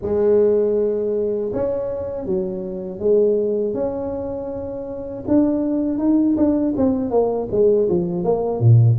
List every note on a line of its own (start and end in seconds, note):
0.02 1.52 G#3
1.53 2.25 C#4
2.25 2.99 F#3
2.99 3.74 G#3
3.74 5.24 C#4
5.27 5.98 D4
5.98 6.35 D#4
6.36 6.74 D4
6.76 7.10 C4
7.10 7.48 A#3
7.51 7.88 G#3
7.89 8.24 F3
8.24 8.60 A#3
8.60 8.97 A#2